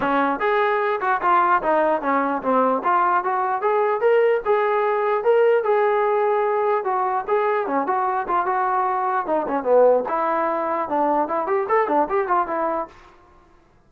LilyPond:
\new Staff \with { instrumentName = "trombone" } { \time 4/4 \tempo 4 = 149 cis'4 gis'4. fis'8 f'4 | dis'4 cis'4 c'4 f'4 | fis'4 gis'4 ais'4 gis'4~ | gis'4 ais'4 gis'2~ |
gis'4 fis'4 gis'4 cis'8 fis'8~ | fis'8 f'8 fis'2 dis'8 cis'8 | b4 e'2 d'4 | e'8 g'8 a'8 d'8 g'8 f'8 e'4 | }